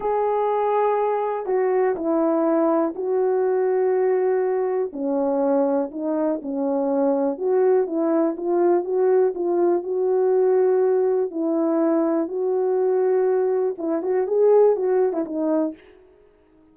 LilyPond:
\new Staff \with { instrumentName = "horn" } { \time 4/4 \tempo 4 = 122 gis'2. fis'4 | e'2 fis'2~ | fis'2 cis'2 | dis'4 cis'2 fis'4 |
e'4 f'4 fis'4 f'4 | fis'2. e'4~ | e'4 fis'2. | e'8 fis'8 gis'4 fis'8. e'16 dis'4 | }